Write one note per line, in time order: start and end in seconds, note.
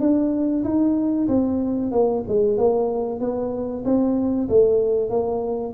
0.00 0.64 D4
0.64 1.28 D#4
1.28 1.92 C4
1.92 2.24 A#3
2.28 2.58 G#3
2.58 3.20 A#3
3.20 3.84 B3
3.85 4.49 C4
4.49 5.10 A3
5.10 5.74 A#3